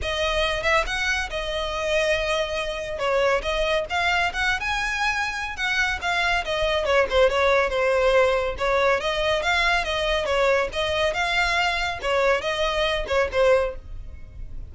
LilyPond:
\new Staff \with { instrumentName = "violin" } { \time 4/4 \tempo 4 = 140 dis''4. e''8 fis''4 dis''4~ | dis''2. cis''4 | dis''4 f''4 fis''8. gis''4~ gis''16~ | gis''4 fis''4 f''4 dis''4 |
cis''8 c''8 cis''4 c''2 | cis''4 dis''4 f''4 dis''4 | cis''4 dis''4 f''2 | cis''4 dis''4. cis''8 c''4 | }